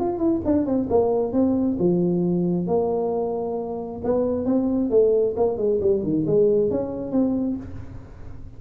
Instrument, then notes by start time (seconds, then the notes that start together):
tuba
0.00 F4
0.19 E4
0.45 D4
0.66 C4
0.90 A#3
1.33 C4
1.80 F3
2.67 A#3
4.04 B3
4.46 C4
4.91 A3
5.37 A#3
5.58 G#3
5.81 G3
6.04 D#3
6.27 G#3
6.71 C#4
7.12 C4